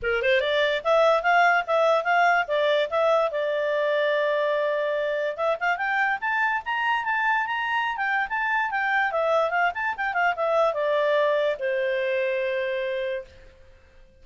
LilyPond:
\new Staff \with { instrumentName = "clarinet" } { \time 4/4 \tempo 4 = 145 ais'8 c''8 d''4 e''4 f''4 | e''4 f''4 d''4 e''4 | d''1~ | d''4 e''8 f''8 g''4 a''4 |
ais''4 a''4 ais''4~ ais''16 g''8. | a''4 g''4 e''4 f''8 a''8 | g''8 f''8 e''4 d''2 | c''1 | }